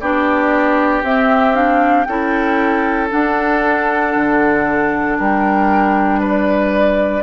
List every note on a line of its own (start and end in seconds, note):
0.00 1.03 B3
0.00 1.04 D4
0.00 2.08 G4
0.00 1.03 D5
1.03 2.07 C4
1.03 1.54 C4
1.03 1.55 E5
1.54 2.06 D4
1.54 2.05 F5
2.05 3.11 C#4
2.05 3.09 E4
2.05 5.19 A4
2.05 3.08 G5
3.09 7.23 D4
3.09 4.16 D4
3.09 5.18 F#5
4.16 5.19 D3
5.19 7.23 G3
5.19 6.20 A#4
5.19 6.22 G5
6.20 7.23 B4
6.20 7.23 D5